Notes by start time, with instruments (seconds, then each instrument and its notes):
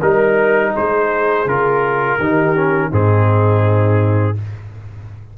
0.00 tuba G3, trombone D#4, horn A#4, trumpet A#4
0.74 tuba G#3, horn G#4, trumpet C5
1.46 tuba C#3, trombone F4, trumpet A#4
2.19 tuba D#3, trombone D#4, horn G4
2.56 trombone C#4
2.89 tuba G#2, trombone C4, horn D#4, trumpet G#4